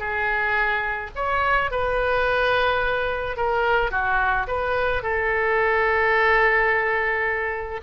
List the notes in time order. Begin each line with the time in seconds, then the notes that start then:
0.00 G#4
1.16 C#5
1.71 B4
3.37 A#4
3.91 F#4
4.48 B4
5.03 A4